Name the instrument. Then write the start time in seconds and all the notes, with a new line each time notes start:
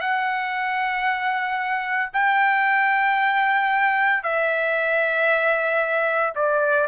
trumpet
0.00 F#5
2.13 G5
4.23 E5
6.35 D5